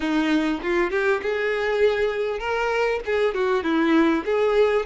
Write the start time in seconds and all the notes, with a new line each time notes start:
0.00 D#4
0.62 F4
0.90 G4
1.22 G#4
2.39 A#4
3.05 G#4
3.34 F#4
3.63 E4
4.25 G#4